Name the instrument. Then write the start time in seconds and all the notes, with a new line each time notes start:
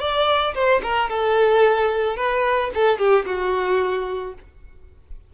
violin
0.00 D5
0.54 C5
0.83 A#4
1.10 A4
2.16 B4
2.74 A4
2.98 G4
3.26 F#4